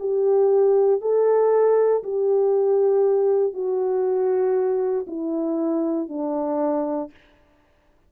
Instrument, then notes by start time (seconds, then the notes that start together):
horn
0.00 G4
1.02 A4
2.04 G4
3.54 F#4
5.08 E4
6.09 D4